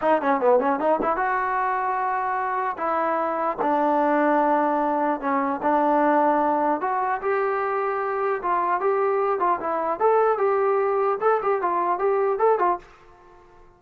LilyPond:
\new Staff \with { instrumentName = "trombone" } { \time 4/4 \tempo 4 = 150 dis'8 cis'8 b8 cis'8 dis'8 e'8 fis'4~ | fis'2. e'4~ | e'4 d'2.~ | d'4 cis'4 d'2~ |
d'4 fis'4 g'2~ | g'4 f'4 g'4. f'8 | e'4 a'4 g'2 | a'8 g'8 f'4 g'4 a'8 f'8 | }